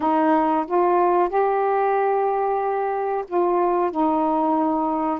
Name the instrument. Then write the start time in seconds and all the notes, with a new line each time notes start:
saxophone
0.00 D#4
0.67 F4
1.29 G4
3.27 F4
3.91 D#4